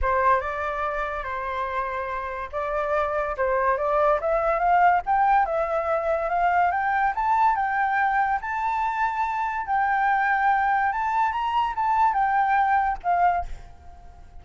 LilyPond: \new Staff \with { instrumentName = "flute" } { \time 4/4 \tempo 4 = 143 c''4 d''2 c''4~ | c''2 d''2 | c''4 d''4 e''4 f''4 | g''4 e''2 f''4 |
g''4 a''4 g''2 | a''2. g''4~ | g''2 a''4 ais''4 | a''4 g''2 f''4 | }